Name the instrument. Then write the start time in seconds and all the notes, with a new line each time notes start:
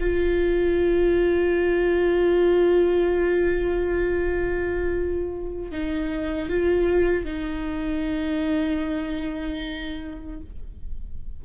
viola
0.00 F4
5.72 D#4
6.49 F4
7.25 D#4